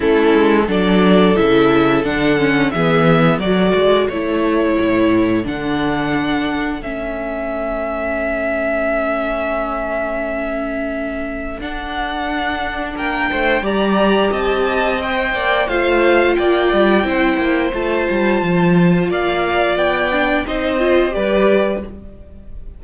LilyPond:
<<
  \new Staff \with { instrumentName = "violin" } { \time 4/4 \tempo 4 = 88 a'4 d''4 e''4 fis''4 | e''4 d''4 cis''2 | fis''2 e''2~ | e''1~ |
e''4 fis''2 g''4 | ais''4 a''4 g''4 f''4 | g''2 a''2 | f''4 g''4 dis''4 d''4 | }
  \new Staff \with { instrumentName = "violin" } { \time 4/4 e'4 a'2. | gis'4 a'2.~ | a'1~ | a'1~ |
a'2. ais'8 c''8 | d''4 dis''4. d''8 c''4 | d''4 c''2. | d''2 c''4 b'4 | }
  \new Staff \with { instrumentName = "viola" } { \time 4/4 cis'4 d'4 e'4 d'8 cis'8 | b4 fis'4 e'2 | d'2 cis'2~ | cis'1~ |
cis'4 d'2. | g'2 c''4 f'4~ | f'4 e'4 f'2~ | f'4. d'8 dis'8 f'8 g'4 | }
  \new Staff \with { instrumentName = "cello" } { \time 4/4 a8 gis8 fis4 cis4 d4 | e4 fis8 gis8 a4 a,4 | d2 a2~ | a1~ |
a4 d'2 ais8 a8 | g4 c'4. ais8 a4 | ais8 g8 c'8 ais8 a8 g8 f4 | ais4 b4 c'4 g4 | }
>>